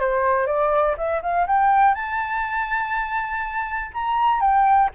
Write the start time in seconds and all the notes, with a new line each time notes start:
0.00 C5
0.47 D5
0.98 E5
1.22 F5
1.48 G5
1.95 A5
3.94 A#5
4.41 G5